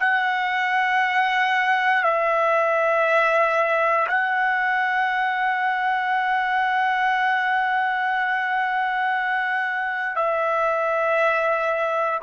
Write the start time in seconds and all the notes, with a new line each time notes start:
0.00 F#5
2.04 E5
4.08 F#5
10.16 E5